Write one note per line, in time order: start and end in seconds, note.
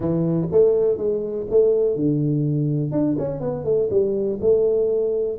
0.00 0.48 E3
0.51 0.97 A3
0.97 1.46 G#3
1.50 1.95 A3
1.95 2.91 D3
2.91 3.16 D4
3.18 3.40 C#4
3.40 3.64 B3
3.64 3.88 A3
3.90 4.39 G3
4.40 5.38 A3